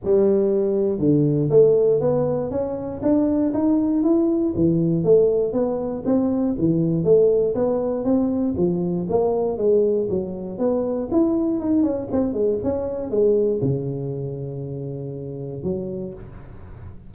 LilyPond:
\new Staff \with { instrumentName = "tuba" } { \time 4/4 \tempo 4 = 119 g2 d4 a4 | b4 cis'4 d'4 dis'4 | e'4 e4 a4 b4 | c'4 e4 a4 b4 |
c'4 f4 ais4 gis4 | fis4 b4 e'4 dis'8 cis'8 | c'8 gis8 cis'4 gis4 cis4~ | cis2. fis4 | }